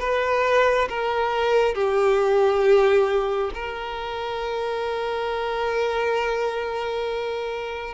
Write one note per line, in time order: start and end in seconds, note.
0.00 0.88 B4
0.89 1.74 A#4
1.74 3.51 G4
3.54 7.94 A#4